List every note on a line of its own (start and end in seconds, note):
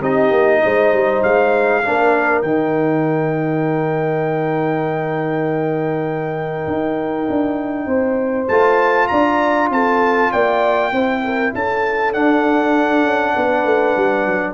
0.00 0.31 C4
0.00 1.83 D#4
0.00 0.61 G4
0.00 1.23 D#5
0.31 0.61 A#3
0.63 0.93 G#3
0.63 1.84 C5
0.93 1.23 G3
1.23 1.84 G#3
1.23 2.41 F5
1.83 2.42 A#3
1.83 2.43 D4
1.83 7.86 A#4
2.41 6.66 D#3
2.41 8.49 D#4
2.41 8.47 G5
6.67 7.27 D#4
7.29 7.86 D4
7.86 8.47 C4
7.86 9.08 C5
8.48 9.09 A3
8.48 10.93 F4
8.48 9.07 A5
9.07 9.70 D4
9.07 9.71 D5
9.07 9.68 A#5
9.70 10.30 C4
9.70 10.31 A4
9.70 10.32 A5
10.31 10.91 A#3
10.31 10.92 D5
10.31 11.53 G5
10.91 11.52 C4
10.91 12.13 E4
10.91 11.22 C5
11.24 11.54 A#4
11.54 12.14 C#4
11.54 13.34 A4
11.54 12.13 A5
12.13 14.54 D4
12.13 13.03 D4
12.13 14.54 F#5
13.03 13.34 C#4
13.34 13.64 B3
13.34 14.54 B4
13.64 13.94 A3
13.96 14.26 G3
14.26 14.54 F#3